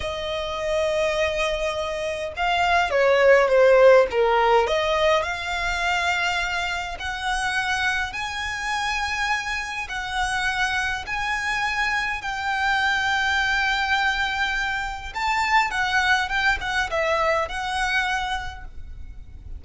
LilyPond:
\new Staff \with { instrumentName = "violin" } { \time 4/4 \tempo 4 = 103 dis''1 | f''4 cis''4 c''4 ais'4 | dis''4 f''2. | fis''2 gis''2~ |
gis''4 fis''2 gis''4~ | gis''4 g''2.~ | g''2 a''4 fis''4 | g''8 fis''8 e''4 fis''2 | }